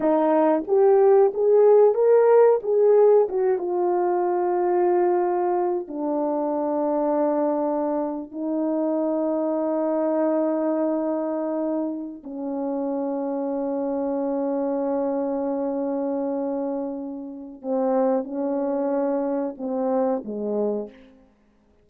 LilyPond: \new Staff \with { instrumentName = "horn" } { \time 4/4 \tempo 4 = 92 dis'4 g'4 gis'4 ais'4 | gis'4 fis'8 f'2~ f'8~ | f'4 d'2.~ | d'8. dis'2.~ dis'16~ |
dis'2~ dis'8. cis'4~ cis'16~ | cis'1~ | cis'2. c'4 | cis'2 c'4 gis4 | }